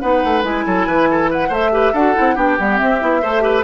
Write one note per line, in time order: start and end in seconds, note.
0.00 0.24 B3
0.00 0.44 D#4
0.00 0.65 B4
0.00 0.43 F#5
0.24 0.44 A3
0.44 0.65 G#3
0.44 1.51 E4
0.44 1.31 G#5
0.67 0.87 F#3
0.67 0.87 A4
0.87 1.50 E3
0.87 1.09 B4
1.11 1.31 A4
1.31 1.49 B4
1.31 1.54 F#5
1.49 1.93 A3
1.49 1.72 A4
1.49 1.71 C5
1.49 1.96 E5
1.72 1.94 G4
1.72 1.93 B4
1.93 2.15 D4
1.93 2.15 F#4
1.93 2.36 A4
1.93 2.38 F#5
2.15 2.37 C4
2.15 2.37 E4
2.36 2.58 B3
2.36 2.58 D4
2.36 3.22 G4
2.36 2.59 G5
2.59 2.81 G3
2.59 2.77 B3
2.59 2.78 F#5
2.77 2.98 C4
2.77 3.02 C4
2.77 3.64 E5
3.01 3.24 B3
3.01 3.22 E4
3.22 3.64 A3
3.22 3.41 A4
3.22 3.43 C5
3.41 3.62 G4
3.41 3.64 B4